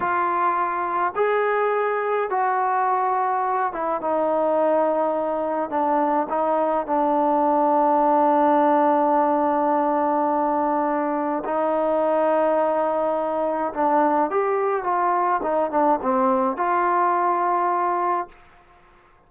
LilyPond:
\new Staff \with { instrumentName = "trombone" } { \time 4/4 \tempo 4 = 105 f'2 gis'2 | fis'2~ fis'8 e'8 dis'4~ | dis'2 d'4 dis'4 | d'1~ |
d'1 | dis'1 | d'4 g'4 f'4 dis'8 d'8 | c'4 f'2. | }